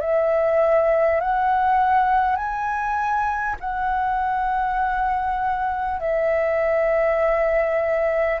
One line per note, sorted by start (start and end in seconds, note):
0.00 1.20 E5
1.20 2.36 F#5
2.36 3.56 G#5
3.59 5.99 F#5
6.00 8.40 E5